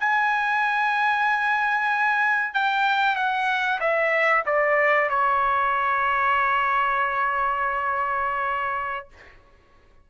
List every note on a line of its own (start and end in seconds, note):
0.00 2.54 G#5
2.54 3.16 G5
3.16 3.80 F#5
3.80 4.44 E5
4.46 5.09 D5
5.09 9.08 C#5